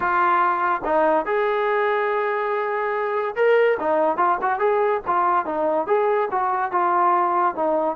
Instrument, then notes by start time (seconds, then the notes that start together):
trombone
0.00 F4
0.84 D#4
1.25 G#4
3.35 A#4
3.79 D#4
4.17 F4
4.41 F#4
4.59 G#4
5.06 F4
5.45 D#4
5.86 G#4
6.31 F#4
6.71 F4
7.55 D#4